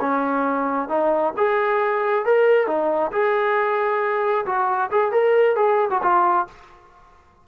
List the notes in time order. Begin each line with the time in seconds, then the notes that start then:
0.00 C#4
0.89 D#4
1.37 G#4
2.25 A#4
2.67 D#4
3.12 G#4
4.46 F#4
4.91 G#4
5.12 A#4
5.56 G#4
5.90 F#4
6.02 F4